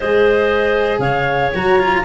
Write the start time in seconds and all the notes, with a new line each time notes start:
0.00 G#3 G#4 C5 D#5
0.99 C#3 C#5 F5
1.54 F#3 F#4 A#5
1.79 F4